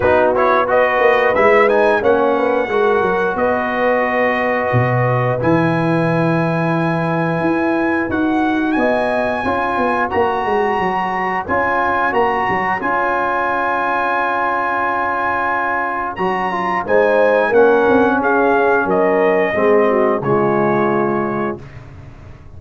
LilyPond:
<<
  \new Staff \with { instrumentName = "trumpet" } { \time 4/4 \tempo 4 = 89 b'8 cis''8 dis''4 e''8 gis''8 fis''4~ | fis''4 dis''2. | gis''1 | fis''4 gis''2 ais''4~ |
ais''4 gis''4 ais''4 gis''4~ | gis''1 | ais''4 gis''4 fis''4 f''4 | dis''2 cis''2 | }
  \new Staff \with { instrumentName = "horn" } { \time 4/4 fis'4 b'2 cis''8 b'8 | ais'4 b'2.~ | b'1~ | b'4 dis''4 cis''2~ |
cis''1~ | cis''1~ | cis''4 c''4 ais'4 gis'4 | ais'4 gis'8 fis'8 f'2 | }
  \new Staff \with { instrumentName = "trombone" } { \time 4/4 dis'8 e'8 fis'4 e'8 dis'8 cis'4 | fis'1 | e'1 | fis'2 f'4 fis'4~ |
fis'4 f'4 fis'4 f'4~ | f'1 | fis'8 f'8 dis'4 cis'2~ | cis'4 c'4 gis2 | }
  \new Staff \with { instrumentName = "tuba" } { \time 4/4 b4. ais8 gis4 ais4 | gis8 fis8 b2 b,4 | e2. e'4 | dis'4 b4 cis'8 b8 ais8 gis8 |
fis4 cis'4 ais8 fis8 cis'4~ | cis'1 | fis4 gis4 ais8 c'8 cis'4 | fis4 gis4 cis2 | }
>>